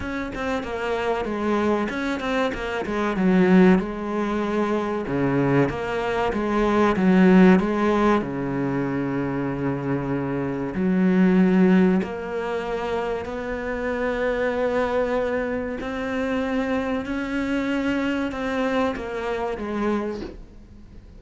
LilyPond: \new Staff \with { instrumentName = "cello" } { \time 4/4 \tempo 4 = 95 cis'8 c'8 ais4 gis4 cis'8 c'8 | ais8 gis8 fis4 gis2 | cis4 ais4 gis4 fis4 | gis4 cis2.~ |
cis4 fis2 ais4~ | ais4 b2.~ | b4 c'2 cis'4~ | cis'4 c'4 ais4 gis4 | }